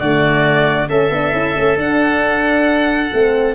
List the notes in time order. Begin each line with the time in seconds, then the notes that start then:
0.00 D3 A3 F#4 D5
0.88 A3 C#4 A4 E5
1.10 B3 D4
1.32 C#4 E4
1.54 A3 C#4
1.77 D4 F#5
3.13 A3 C4